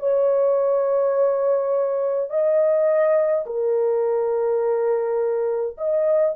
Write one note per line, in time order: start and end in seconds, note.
0.00 2.30 C#5
2.30 3.46 D#5
3.46 5.77 A#4
5.78 6.36 D#5